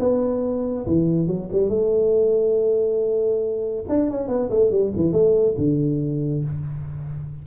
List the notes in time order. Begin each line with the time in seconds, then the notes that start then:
0.00 B3
0.87 E3
1.28 F#3
1.52 G3
1.70 A3
3.89 D4
4.11 C#4
4.29 B3
4.50 A3
4.71 G3
4.96 E3
5.13 A3
5.58 D3